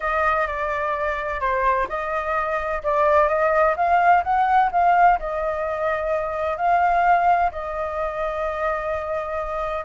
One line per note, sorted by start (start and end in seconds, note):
0.00 0.47 D#5
0.47 1.40 D5
1.40 1.87 C5
1.88 2.82 D#5
2.83 3.28 D5
3.28 3.75 D#5
3.76 4.23 F5
4.23 4.70 F#5
4.71 5.18 F5
5.19 6.57 D#5
6.57 7.51 F5
7.51 9.84 D#5